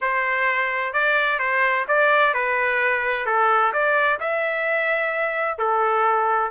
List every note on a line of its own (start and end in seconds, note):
0.01 0.93 C5
0.93 1.39 D5
1.39 1.85 C5
1.88 2.34 D5
2.34 3.26 B4
3.26 3.72 A4
3.73 4.19 D5
4.19 5.58 E5
5.58 6.51 A4